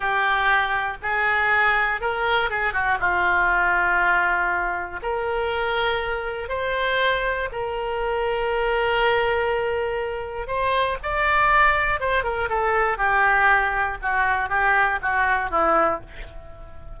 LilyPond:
\new Staff \with { instrumentName = "oboe" } { \time 4/4 \tempo 4 = 120 g'2 gis'2 | ais'4 gis'8 fis'8 f'2~ | f'2 ais'2~ | ais'4 c''2 ais'4~ |
ais'1~ | ais'4 c''4 d''2 | c''8 ais'8 a'4 g'2 | fis'4 g'4 fis'4 e'4 | }